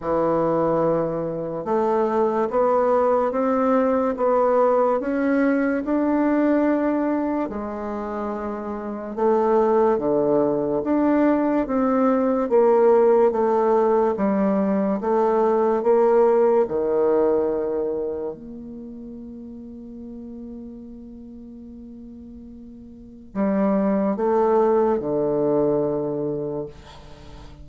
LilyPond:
\new Staff \with { instrumentName = "bassoon" } { \time 4/4 \tempo 4 = 72 e2 a4 b4 | c'4 b4 cis'4 d'4~ | d'4 gis2 a4 | d4 d'4 c'4 ais4 |
a4 g4 a4 ais4 | dis2 ais2~ | ais1 | g4 a4 d2 | }